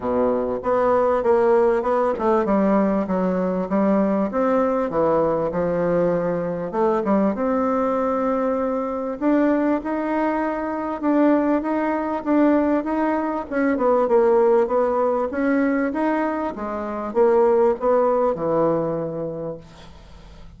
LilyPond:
\new Staff \with { instrumentName = "bassoon" } { \time 4/4 \tempo 4 = 98 b,4 b4 ais4 b8 a8 | g4 fis4 g4 c'4 | e4 f2 a8 g8 | c'2. d'4 |
dis'2 d'4 dis'4 | d'4 dis'4 cis'8 b8 ais4 | b4 cis'4 dis'4 gis4 | ais4 b4 e2 | }